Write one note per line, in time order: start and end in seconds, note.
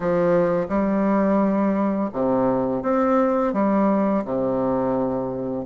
0.00 0.66 F3
0.68 2.10 G3
2.12 2.82 C3
2.82 3.53 C4
3.53 4.24 G3
4.24 5.65 C3